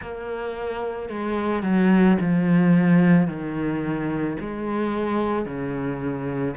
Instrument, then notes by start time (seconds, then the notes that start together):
cello
0.01 A#3
1.09 G#3
1.63 F#3
2.21 F3
3.27 D#3
4.39 G#3
5.45 C#3